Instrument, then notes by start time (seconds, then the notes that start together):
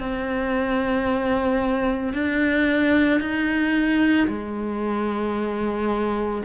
cello
0.00 C4
2.14 D4
3.20 D#4
4.28 G#3